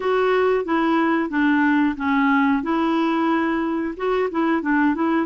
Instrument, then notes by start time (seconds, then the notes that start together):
clarinet
0.00 F#4
0.64 E4
1.29 D4
1.96 C#4
2.63 E4
3.97 F#4
4.30 E4
4.62 D4
4.95 E4